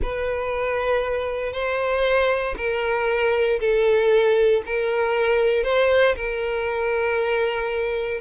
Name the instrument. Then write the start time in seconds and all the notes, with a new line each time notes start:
violin
0.02 B4
1.52 C5
2.57 A#4
3.59 A4
4.65 A#4
5.63 C5
6.15 A#4